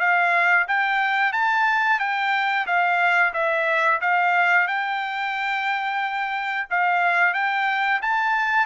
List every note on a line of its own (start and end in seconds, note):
0.00 0.67 F5
0.68 1.33 G5
1.33 1.99 A5
2.00 2.66 G5
2.67 3.33 F5
3.34 4.00 E5
4.01 4.68 F5
4.68 6.68 G5
6.71 7.34 F5
7.34 8.01 G5
8.02 8.66 A5